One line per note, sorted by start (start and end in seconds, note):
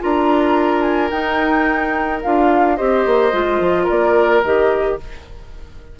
0.00 1.12 D4
0.00 1.10 F4
0.00 2.77 A#4
0.00 0.82 A#5
0.82 1.09 G#5
1.11 2.22 D#4
1.11 2.21 G5
2.23 2.80 D4
2.23 2.77 F4
2.23 2.77 F5
2.77 3.06 C4
2.77 3.32 G4
2.77 3.84 C5
2.77 3.87 D#5
3.06 3.33 A#3
3.32 3.60 G#3
3.32 4.42 F4
3.60 3.87 F3
3.84 4.94 A#4
3.84 4.44 D5
3.90 4.44 A#3
4.44 4.99 D#3
4.44 5.00 G4
4.44 4.99 D#5